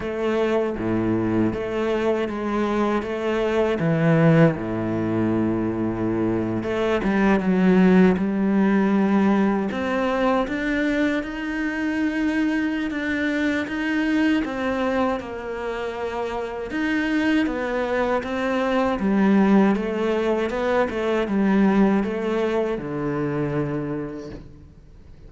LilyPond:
\new Staff \with { instrumentName = "cello" } { \time 4/4 \tempo 4 = 79 a4 a,4 a4 gis4 | a4 e4 a,2~ | a,8. a8 g8 fis4 g4~ g16~ | g8. c'4 d'4 dis'4~ dis'16~ |
dis'4 d'4 dis'4 c'4 | ais2 dis'4 b4 | c'4 g4 a4 b8 a8 | g4 a4 d2 | }